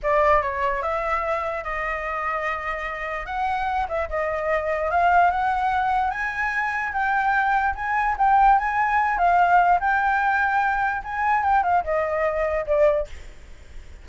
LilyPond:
\new Staff \with { instrumentName = "flute" } { \time 4/4 \tempo 4 = 147 d''4 cis''4 e''2 | dis''1 | fis''4. e''8 dis''2 | f''4 fis''2 gis''4~ |
gis''4 g''2 gis''4 | g''4 gis''4. f''4. | g''2. gis''4 | g''8 f''8 dis''2 d''4 | }